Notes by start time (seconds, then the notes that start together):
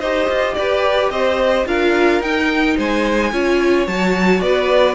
0.00 D#4 G4 C5 D#5
0.29 F4
0.55 G4 B4 D5
1.11 C4 C5 D#5
1.66 D4 F4 A#4 F5
2.21 D#4 G5
2.77 G#3 C5 G#5
3.32 C#4 F4 C#5
3.87 F#3 F#4 A5
4.41 B3 B4 D5